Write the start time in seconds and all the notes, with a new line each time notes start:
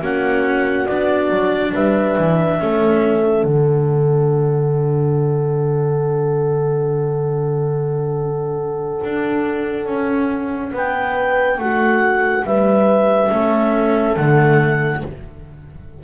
0.00 A#3 C#4 F#4 F#5
0.86 B3 D4 D5
1.30 F#3
1.73 G3 B4 E5
2.17 E3
2.60 A3 C#4 A4
3.43 D3 D4 F#5
9.04 D4
9.86 C#4
10.73 B3 B4 G5
11.58 A3 F#4 F#5
12.44 G3 B4 E5
13.31 A3 C#4 A4
14.16 D3 A3 F#5